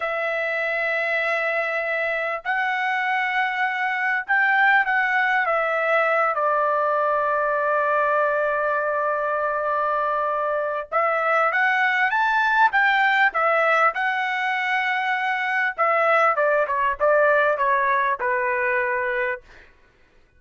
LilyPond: \new Staff \with { instrumentName = "trumpet" } { \time 4/4 \tempo 4 = 99 e''1 | fis''2. g''4 | fis''4 e''4. d''4.~ | d''1~ |
d''2 e''4 fis''4 | a''4 g''4 e''4 fis''4~ | fis''2 e''4 d''8 cis''8 | d''4 cis''4 b'2 | }